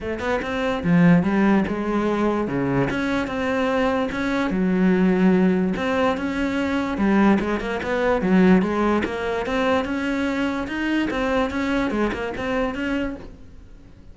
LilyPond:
\new Staff \with { instrumentName = "cello" } { \time 4/4 \tempo 4 = 146 a8 b8 c'4 f4 g4 | gis2 cis4 cis'4 | c'2 cis'4 fis4~ | fis2 c'4 cis'4~ |
cis'4 g4 gis8 ais8 b4 | fis4 gis4 ais4 c'4 | cis'2 dis'4 c'4 | cis'4 gis8 ais8 c'4 cis'4 | }